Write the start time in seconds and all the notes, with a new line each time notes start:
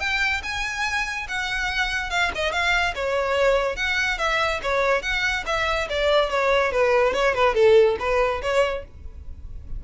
0.00 G5
0.43 G#5
1.28 F#5
2.10 F5
2.35 D#5
2.52 F5
2.95 C#5
3.76 F#5
4.18 E5
4.62 C#5
5.02 F#5
5.46 E5
5.89 D5
6.30 C#5
6.72 B4
7.13 C#5
7.34 B4
7.55 A4
7.99 B4
8.42 C#5